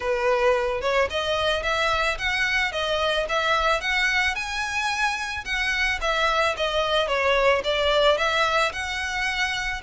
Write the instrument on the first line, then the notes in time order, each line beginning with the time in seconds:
violin
0.00 B4
0.81 C#5
1.10 D#5
1.62 E5
2.18 F#5
2.71 D#5
3.29 E5
3.80 F#5
4.35 G#5
5.44 F#5
6.01 E5
6.56 D#5
7.07 C#5
7.63 D5
8.17 E5
8.72 F#5